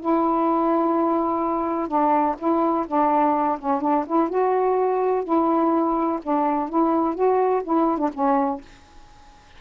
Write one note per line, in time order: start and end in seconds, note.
0.00 1.88 E4
1.88 2.35 D4
2.39 2.86 E4
2.87 3.58 D4
3.59 3.81 C#4
3.81 4.05 D4
4.06 4.29 E4
4.29 5.24 F#4
5.24 6.19 E4
6.23 6.69 D4
6.69 7.15 E4
7.15 7.62 F#4
7.63 7.98 E4
7.98 8.10 D4
8.14 8.61 C#4